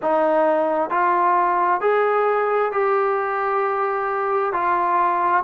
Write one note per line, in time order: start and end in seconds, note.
0.02 0.90 D#4
0.90 1.81 F4
1.81 2.71 G#4
2.71 4.52 G4
4.52 5.43 F4